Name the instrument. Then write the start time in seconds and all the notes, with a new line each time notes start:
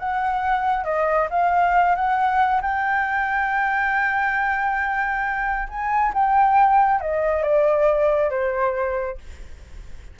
flute
0.00 F#5
0.85 D#5
1.31 F5
1.96 F#5
2.62 G5
5.69 G#5
6.14 G5
7.01 D#5
7.43 D5
8.31 C5